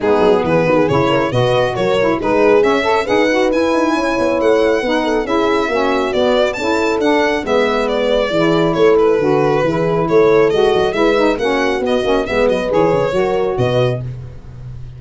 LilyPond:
<<
  \new Staff \with { instrumentName = "violin" } { \time 4/4 \tempo 4 = 137 gis'4 b'4 cis''4 dis''4 | cis''4 b'4 e''4 fis''4 | gis''2 fis''2 | e''2 d''4 a''4 |
fis''4 e''4 d''2 | cis''8 b'2~ b'8 cis''4 | dis''4 e''4 fis''4 dis''4 | e''8 dis''8 cis''2 dis''4 | }
  \new Staff \with { instrumentName = "horn" } { \time 4/4 dis'4 gis'8 fis'16 gis'8. ais'8 b'4 | ais'4 gis'4. cis''8 b'4~ | b'4 cis''2 b'8 a'8 | gis'4 fis'2 a'4~ |
a'4 b'2 gis'4 | a'2 gis'4 a'4~ | a'4 b'4 fis'2 | b'2 ais'4 b'4 | }
  \new Staff \with { instrumentName = "saxophone" } { \time 4/4 b2 e'4 fis'4~ | fis'8 e'8 dis'4 cis'8 a'8 gis'8 fis'8 | e'2. dis'4 | e'4 cis'4 b4 e'4 |
d'4 b2 e'4~ | e'4 fis'4 e'2 | fis'4 e'8 dis'8 cis'4 b8 cis'8 | b4 gis'4 fis'2 | }
  \new Staff \with { instrumentName = "tuba" } { \time 4/4 gis8 fis8 e8 dis8 cis4 b,4 | fis4 gis4 cis'4 dis'4 | e'8 dis'8 cis'8 b8 a4 b4 | cis'4 ais4 b4 cis'4 |
d'4 gis2 e4 | a4 d4 e4 a4 | gis8 fis8 gis4 ais4 b8 ais8 | gis8 fis8 e8 cis8 fis4 b,4 | }
>>